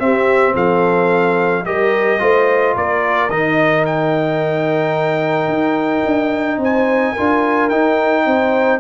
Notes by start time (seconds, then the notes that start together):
0.00 C4 G4 E5
0.54 F3 A4 F5
1.65 G3 G4 A#4 D#5
2.19 A3 F4 C5
2.76 A#3 A#4 D5
3.30 D#3 D#4 D#5
3.86 G5
5.48 D#4
6.06 D4
6.58 C4 C5
6.64 G#5
7.13 F4 A#4
7.19 D4
7.70 D#4 G5
8.26 C4 C5